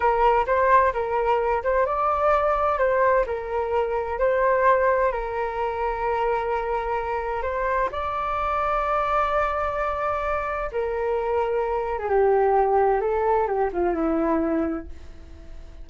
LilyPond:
\new Staff \with { instrumentName = "flute" } { \time 4/4 \tempo 4 = 129 ais'4 c''4 ais'4. c''8 | d''2 c''4 ais'4~ | ais'4 c''2 ais'4~ | ais'1 |
c''4 d''2.~ | d''2. ais'4~ | ais'4.~ ais'16 gis'16 g'2 | a'4 g'8 f'8 e'2 | }